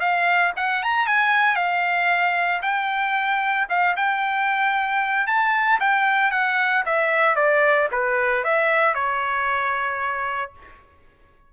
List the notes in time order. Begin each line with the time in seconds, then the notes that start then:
0.00 F5
0.56 F#5
0.83 A#5
1.07 G#5
1.56 F5
2.62 G5
3.69 F5
3.96 G5
5.27 A5
5.80 G5
6.31 F#5
6.86 E5
7.36 D5
7.92 B4
8.44 E5
8.94 C#5